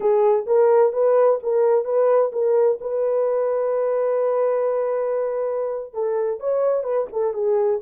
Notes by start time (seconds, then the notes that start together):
0.00 G#4
0.46 A#4
0.92 B4
1.42 A#4
1.84 B4
2.32 A#4
2.81 B4
5.93 A4
6.40 C#5
6.83 B4
7.12 A4
7.33 G#4